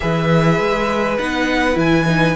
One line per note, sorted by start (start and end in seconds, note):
0.00 0.59 E3
0.00 1.18 G#4
0.00 2.35 B4
0.00 1.17 E5
0.59 1.18 G#3
1.18 1.76 B3
1.18 1.74 D#4
1.18 1.78 F#5
1.74 2.35 E3
1.74 2.04 E4
1.74 2.35 G#5
2.07 2.35 D#4